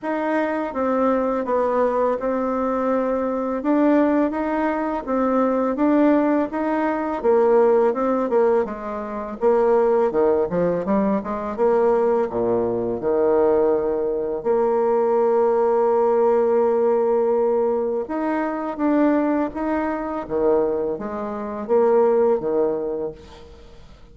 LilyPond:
\new Staff \with { instrumentName = "bassoon" } { \time 4/4 \tempo 4 = 83 dis'4 c'4 b4 c'4~ | c'4 d'4 dis'4 c'4 | d'4 dis'4 ais4 c'8 ais8 | gis4 ais4 dis8 f8 g8 gis8 |
ais4 ais,4 dis2 | ais1~ | ais4 dis'4 d'4 dis'4 | dis4 gis4 ais4 dis4 | }